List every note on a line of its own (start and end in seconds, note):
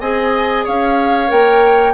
0.00 0.65 C4
0.00 1.27 G#4
0.00 0.65 D#5
0.00 0.65 G#5
0.65 1.31 C#4
0.65 1.93 C#5
0.65 1.31 F5
1.27 1.93 A#3
1.27 1.92 A#4
1.27 1.93 G5